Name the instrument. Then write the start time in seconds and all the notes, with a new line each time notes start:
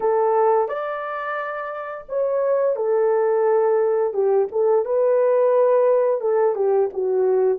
horn
0.00 A4
0.68 D5
2.08 C#5
2.76 A4
4.13 G4
4.51 A4
4.85 B4
6.21 A4
6.55 G4
6.93 F#4